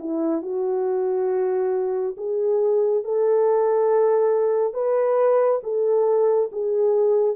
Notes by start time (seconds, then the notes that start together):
0.00 E4
0.42 F#4
2.17 G#4
3.04 A4
4.74 B4
5.63 A4
6.52 G#4